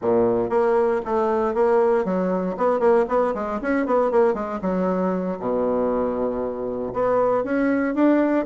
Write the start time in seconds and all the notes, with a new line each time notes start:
0.01 A#2
0.49 A#3
1.05 A3
1.54 A#3
2.04 F#3
2.57 B3
2.79 A#3
3.08 B3
3.34 G#3
3.61 C#4
3.86 B3
4.11 A#3
4.34 G#3
4.61 F#3
5.39 B2
6.93 B3
7.44 C#4
7.94 D4